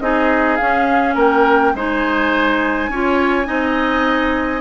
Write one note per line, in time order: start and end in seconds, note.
0.00 0.59 C4
0.00 0.59 D#4
0.00 1.14 G#4
0.00 0.56 D#5
0.56 1.75 C#4
0.56 1.15 C#4
0.56 1.14 F5
1.14 1.73 A#3
1.14 1.72 A#4
1.14 1.76 G5
1.74 2.88 G#3
1.74 2.91 D#4
1.74 2.90 C5
1.74 4.61 G#5
2.88 3.46 C#4
2.88 3.45 F4
2.88 3.47 C#5
3.45 4.61 C4
3.45 4.60 D#4
3.45 4.61 D#5